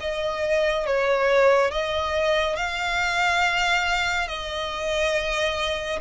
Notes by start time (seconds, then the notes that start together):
0.00 D#5
0.86 C#5
1.71 D#5
2.56 F5
4.28 D#5